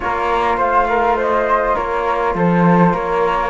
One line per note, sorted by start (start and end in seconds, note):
0.00 0.57 A#3
0.00 3.50 F4
0.00 0.57 A#4
0.00 0.58 C#5
0.57 1.75 A3
0.57 0.87 C5
0.57 1.18 F5
0.88 1.16 A#4
1.16 1.74 C5
1.16 1.75 D#5
1.74 2.35 A#3
1.74 2.33 A#4
1.74 2.34 C#5
2.35 2.93 F3
2.35 2.93 A4
2.35 2.95 C5
2.93 3.50 A#3
2.93 3.50 A#4
2.93 3.50 C#5